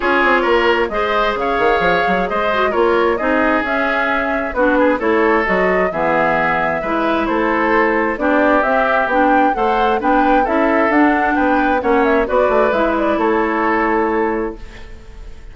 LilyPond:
<<
  \new Staff \with { instrumentName = "flute" } { \time 4/4 \tempo 4 = 132 cis''2 dis''4 f''4~ | f''4 dis''4 cis''4 dis''4 | e''2 b'4 cis''4 | dis''4 e''2. |
c''2 d''4 e''4 | g''4 fis''4 g''4 e''4 | fis''4 g''4 fis''8 e''8 d''4 | e''8 d''8 cis''2. | }
  \new Staff \with { instrumentName = "oboe" } { \time 4/4 gis'4 ais'4 c''4 cis''4~ | cis''4 c''4 ais'4 gis'4~ | gis'2 fis'8 gis'8 a'4~ | a'4 gis'2 b'4 |
a'2 g'2~ | g'4 c''4 b'4 a'4~ | a'4 b'4 cis''4 b'4~ | b'4 a'2. | }
  \new Staff \with { instrumentName = "clarinet" } { \time 4/4 f'2 gis'2~ | gis'4. fis'8 f'4 dis'4 | cis'2 d'4 e'4 | fis'4 b2 e'4~ |
e'2 d'4 c'4 | d'4 a'4 d'4 e'4 | d'2 cis'4 fis'4 | e'1 | }
  \new Staff \with { instrumentName = "bassoon" } { \time 4/4 cis'8 c'8 ais4 gis4 cis8 dis8 | f8 fis8 gis4 ais4 c'4 | cis'2 b4 a4 | fis4 e2 gis4 |
a2 b4 c'4 | b4 a4 b4 cis'4 | d'4 b4 ais4 b8 a8 | gis4 a2. | }
>>